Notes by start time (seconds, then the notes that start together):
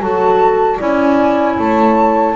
0.00 F#3 F#4 A4 A5
0.77 C#4 E4 D5 G#5
1.56 A3 C#5 A5